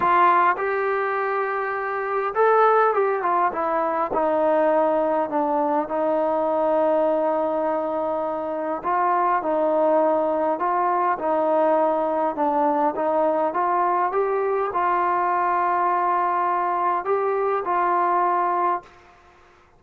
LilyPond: \new Staff \with { instrumentName = "trombone" } { \time 4/4 \tempo 4 = 102 f'4 g'2. | a'4 g'8 f'8 e'4 dis'4~ | dis'4 d'4 dis'2~ | dis'2. f'4 |
dis'2 f'4 dis'4~ | dis'4 d'4 dis'4 f'4 | g'4 f'2.~ | f'4 g'4 f'2 | }